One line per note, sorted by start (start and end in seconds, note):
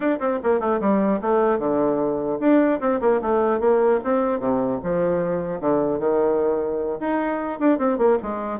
0.00 0.19 D4
0.19 0.39 C4
0.43 0.60 A#3
0.60 0.80 A3
0.80 1.20 G3
1.21 1.58 A3
1.58 2.38 D3
2.40 2.80 D4
2.80 3.00 C4
3.01 3.21 A#3
3.21 3.60 A3
3.60 4.00 A#3
4.04 4.39 C4
4.39 4.79 C3
4.83 5.60 F3
5.60 5.99 D3
5.99 6.99 D#3
7.00 7.59 D#4
7.59 7.78 D4
7.78 7.97 C4
7.97 8.17 A#3
8.22 8.59 G#3